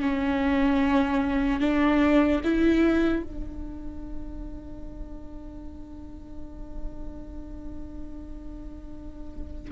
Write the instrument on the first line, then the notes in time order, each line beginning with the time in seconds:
viola
0.00 C#4
1.60 D4
2.44 E4
3.23 D4